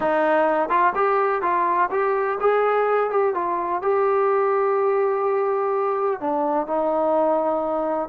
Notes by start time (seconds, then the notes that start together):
0.00 D#4
0.69 F4
0.95 G4
1.42 F4
1.90 G4
2.40 G#4
3.10 G4
3.34 F4
3.82 G4
6.20 D4
6.66 D#4